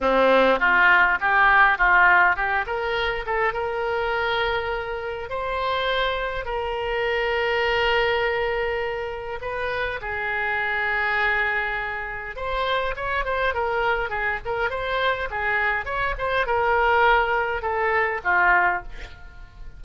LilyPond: \new Staff \with { instrumentName = "oboe" } { \time 4/4 \tempo 4 = 102 c'4 f'4 g'4 f'4 | g'8 ais'4 a'8 ais'2~ | ais'4 c''2 ais'4~ | ais'1 |
b'4 gis'2.~ | gis'4 c''4 cis''8 c''8 ais'4 | gis'8 ais'8 c''4 gis'4 cis''8 c''8 | ais'2 a'4 f'4 | }